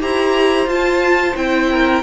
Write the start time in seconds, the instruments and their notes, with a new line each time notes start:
0.00 cello E4, viola G4, violin C5 A#5
0.66 cello F4, viola F4, violin A5
1.35 cello C4, viola E4, violin G5
1.71 violin A#4